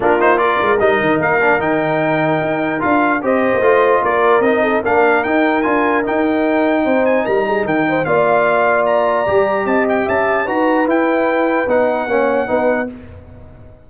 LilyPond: <<
  \new Staff \with { instrumentName = "trumpet" } { \time 4/4 \tempo 4 = 149 ais'8 c''8 d''4 dis''4 f''4 | g''2. f''4 | dis''2 d''4 dis''4 | f''4 g''4 gis''4 g''4~ |
g''4. gis''8 ais''4 g''4 | f''2 ais''2 | a''8 g''8 a''4 ais''4 g''4~ | g''4 fis''2. | }
  \new Staff \with { instrumentName = "horn" } { \time 4/4 f'4 ais'2.~ | ais'1 | c''2 ais'4. a'8 | ais'1~ |
ais'4 c''4 ais'8 gis'8 ais'8 c''8 | d''1 | dis''4 e''4 b'2~ | b'2 cis''4 b'4 | }
  \new Staff \with { instrumentName = "trombone" } { \time 4/4 d'8 dis'8 f'4 dis'4. d'8 | dis'2. f'4 | g'4 f'2 dis'4 | d'4 dis'4 f'4 dis'4~ |
dis'1 | f'2. g'4~ | g'2 fis'4 e'4~ | e'4 dis'4 cis'4 dis'4 | }
  \new Staff \with { instrumentName = "tuba" } { \time 4/4 ais4. gis8 g8 dis8 ais4 | dis2 dis'4 d'4 | c'8. ais16 a4 ais4 c'4 | ais4 dis'4 d'4 dis'4~ |
dis'4 c'4 g4 dis4 | ais2. g4 | c'4 cis'4 dis'4 e'4~ | e'4 b4 ais4 b4 | }
>>